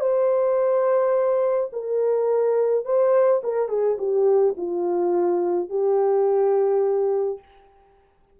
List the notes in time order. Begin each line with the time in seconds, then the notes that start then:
0.00 C5
1.72 A#4
2.85 C5
3.43 A#4
3.68 G#4
3.98 G4
4.57 F4
5.69 G4